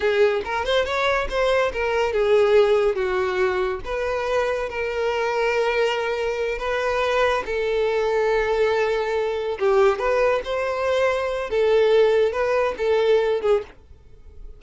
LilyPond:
\new Staff \with { instrumentName = "violin" } { \time 4/4 \tempo 4 = 141 gis'4 ais'8 c''8 cis''4 c''4 | ais'4 gis'2 fis'4~ | fis'4 b'2 ais'4~ | ais'2.~ ais'8 b'8~ |
b'4. a'2~ a'8~ | a'2~ a'8 g'4 b'8~ | b'8 c''2~ c''8 a'4~ | a'4 b'4 a'4. gis'8 | }